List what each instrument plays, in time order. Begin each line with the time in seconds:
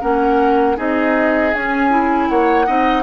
0.00 bassoon A#3, clarinet C#4, oboe A#4, flute F#5
0.76 bassoon C4, clarinet D#4, oboe G#4, flute D#5
1.53 bassoon C#4, clarinet C#4, flute G#5
1.90 clarinet E4
2.28 bassoon A#3, oboe C#5, flute F#5
2.66 bassoon C4, clarinet D#4, oboe D#5